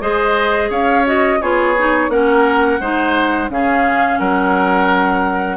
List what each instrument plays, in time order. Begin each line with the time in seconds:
0.00 bassoon G#3, clarinet G#4, oboe C5, flute D#5
0.70 bassoon C#4, oboe C#5, flute F5
1.05 clarinet F#4, flute D#5
1.41 bassoon B3, clarinet F4, oboe G#4, flute C#5
1.77 clarinet D#4
2.09 bassoon A#3, clarinet C#4, oboe A#4, flute F#5
2.80 bassoon G#3, clarinet D#4, oboe C5
3.49 bassoon C#3, clarinet C#4, oboe G#4, flute F5
4.18 bassoon F#3, oboe A#4, flute F#5